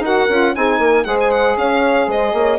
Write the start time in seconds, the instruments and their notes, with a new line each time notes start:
0.00 bassoon D#4, saxophone F#4, horn A#4, violin F#5
0.29 bassoon C#4, saxophone F4
0.55 bassoon C4, saxophone D#4, horn G#4, violin G#5
0.79 bassoon A#3, horn A#4
1.04 bassoon G#3, saxophone G#4, horn C5, violin F#5
1.21 violin G#5
1.31 violin F#5
1.57 bassoon C#4, horn C#5, violin F5
2.07 bassoon G#3, horn C5, violin D#5
2.33 bassoon A#3, horn C#5